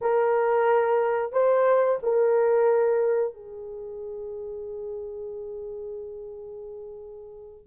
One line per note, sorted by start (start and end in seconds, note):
0.01 1.32 A#4
1.32 1.98 C5
2.02 3.33 A#4
3.33 7.67 G#4